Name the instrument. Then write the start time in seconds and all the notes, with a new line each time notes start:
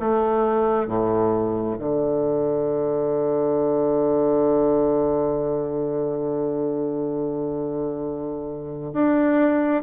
bassoon
0.00 A3
0.87 A2
1.79 D3
8.93 D4